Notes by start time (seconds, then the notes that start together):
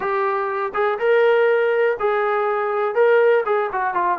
0.00 G4
0.74 G#4
0.98 A#4
1.99 G#4
2.95 A#4
3.45 G#4
3.72 F#4
3.93 F4